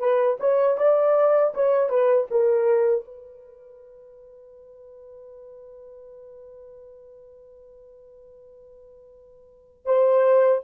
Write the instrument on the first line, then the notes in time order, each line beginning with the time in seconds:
horn
0.00 B4
0.40 C#5
0.78 D5
1.55 C#5
1.90 B4
2.31 A#4
3.06 B4
9.86 C5